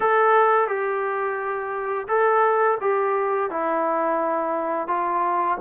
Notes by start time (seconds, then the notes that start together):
0.00 A4
0.67 G4
2.08 A4
2.81 G4
3.50 E4
4.87 F4